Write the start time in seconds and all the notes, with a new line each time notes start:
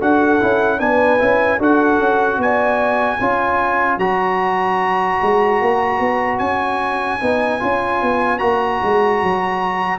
0.00 D4 F#4 A4 F#5
0.40 C#4 E4
0.79 B3 D4 B4 G#5
1.18 C#4 E4
1.58 D4 F#4 A4 F#5
1.99 C#4
2.37 B3 D5 G#5
3.19 C#4 F4 C#5
3.98 F#3 F#4 A#5
5.22 G#3
5.62 A#3
6.00 B3
6.38 C#4 G#5
7.20 B3 D#4
7.60 C#4 F4
8.02 B3
8.38 A#3 F#4 A#5
8.83 G#3
9.23 F#3